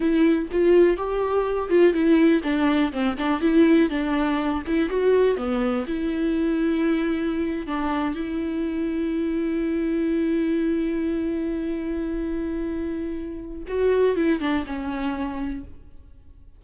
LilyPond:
\new Staff \with { instrumentName = "viola" } { \time 4/4 \tempo 4 = 123 e'4 f'4 g'4. f'8 | e'4 d'4 c'8 d'8 e'4 | d'4. e'8 fis'4 b4 | e'2.~ e'8. d'16~ |
d'8. e'2.~ e'16~ | e'1~ | e'1 | fis'4 e'8 d'8 cis'2 | }